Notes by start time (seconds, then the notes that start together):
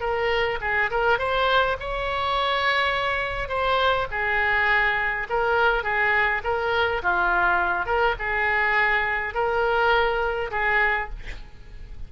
0.00 A#4
0.61 G#4
0.90 A#4
1.18 C5
1.79 C#5
3.48 C5
4.11 G#4
5.29 A#4
5.83 G#4
6.43 A#4
7.02 F4
7.85 A#4
8.18 G#4
9.34 A#4
10.51 G#4